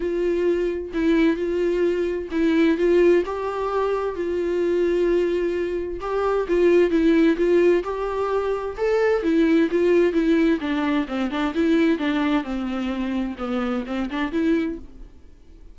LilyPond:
\new Staff \with { instrumentName = "viola" } { \time 4/4 \tempo 4 = 130 f'2 e'4 f'4~ | f'4 e'4 f'4 g'4~ | g'4 f'2.~ | f'4 g'4 f'4 e'4 |
f'4 g'2 a'4 | e'4 f'4 e'4 d'4 | c'8 d'8 e'4 d'4 c'4~ | c'4 b4 c'8 d'8 e'4 | }